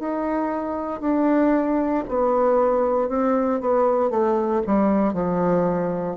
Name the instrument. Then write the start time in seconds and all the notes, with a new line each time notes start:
bassoon
0.00 D#4
1.01 D4
2.08 B3
3.09 C4
3.61 B3
4.11 A3
4.67 G3
5.14 F3